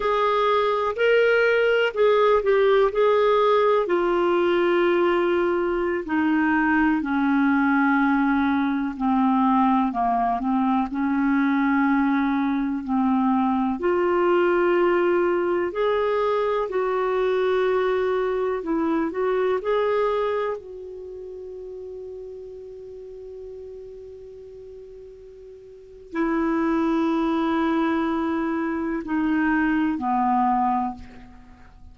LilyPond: \new Staff \with { instrumentName = "clarinet" } { \time 4/4 \tempo 4 = 62 gis'4 ais'4 gis'8 g'8 gis'4 | f'2~ f'16 dis'4 cis'8.~ | cis'4~ cis'16 c'4 ais8 c'8 cis'8.~ | cis'4~ cis'16 c'4 f'4.~ f'16~ |
f'16 gis'4 fis'2 e'8 fis'16~ | fis'16 gis'4 fis'2~ fis'8.~ | fis'2. e'4~ | e'2 dis'4 b4 | }